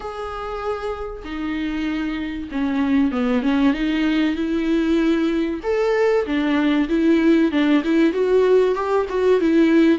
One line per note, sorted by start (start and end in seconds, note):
0.00 1.22 G#4
1.24 2.49 D#4
2.51 3.11 C#4
3.11 3.42 B3
3.42 3.73 C#4
3.73 4.35 D#4
4.35 5.60 E4
5.63 6.25 A4
6.26 6.88 D4
6.89 7.51 E4
7.51 7.83 D4
7.84 8.12 E4
8.12 8.74 F#4
8.74 9.05 G4
9.09 9.40 F#4
9.40 9.98 E4